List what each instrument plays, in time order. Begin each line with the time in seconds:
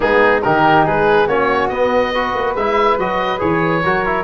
0.00 tuba G#3, trombone B3, flute D#4, oboe G#4
0.42 tuba D#3, trombone D#4, flute G4, oboe A#4
0.85 tuba G#3, flute G#4, oboe B4
1.27 tuba A#3, trombone C#4, flute F#4, oboe C#5
1.69 tuba B3, trombone B3, oboe D#5
2.12 trombone F#4, flute B4
2.34 tuba A#3
2.55 tuba G#3, trombone E4, oboe E5
2.98 tuba F#3, trombone F#4, oboe D#5
3.39 tuba E3, trombone G#4, oboe C#5
3.83 tuba F#3, trombone F#4, flute A#4
4.05 trombone E4